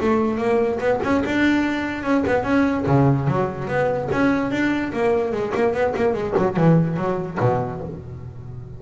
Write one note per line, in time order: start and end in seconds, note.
0.00 0.37 A3
0.37 0.78 A#3
0.79 1.00 B3
1.03 1.23 C#4
1.25 2.03 D4
2.03 2.23 C#4
2.27 2.43 B3
2.43 2.84 C#4
2.86 3.27 C#3
3.27 3.67 F#3
3.67 4.08 B3
4.12 4.51 C#4
4.51 4.92 D4
4.93 5.32 A#3
5.32 5.52 G#3
5.54 5.73 A#3
5.73 5.93 B3
5.96 6.13 A#3
6.13 6.34 G#3
6.37 6.56 F#3
6.56 6.97 E3
6.97 7.38 F#3
7.40 7.81 B2